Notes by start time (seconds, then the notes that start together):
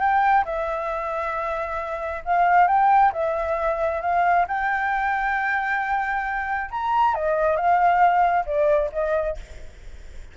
0.00 G5
0.45 E5
2.25 F5
2.68 G5
3.13 E5
4.02 F5
4.48 G5
6.71 A#5
7.15 D#5
7.57 F5
8.46 D5
8.93 D#5